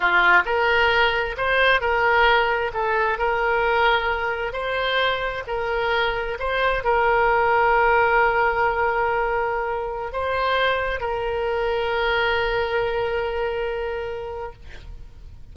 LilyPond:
\new Staff \with { instrumentName = "oboe" } { \time 4/4 \tempo 4 = 132 f'4 ais'2 c''4 | ais'2 a'4 ais'4~ | ais'2 c''2 | ais'2 c''4 ais'4~ |
ais'1~ | ais'2~ ais'16 c''4.~ c''16~ | c''16 ais'2.~ ais'8.~ | ais'1 | }